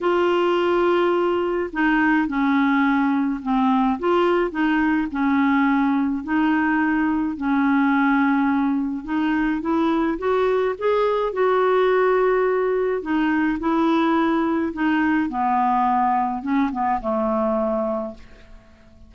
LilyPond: \new Staff \with { instrumentName = "clarinet" } { \time 4/4 \tempo 4 = 106 f'2. dis'4 | cis'2 c'4 f'4 | dis'4 cis'2 dis'4~ | dis'4 cis'2. |
dis'4 e'4 fis'4 gis'4 | fis'2. dis'4 | e'2 dis'4 b4~ | b4 cis'8 b8 a2 | }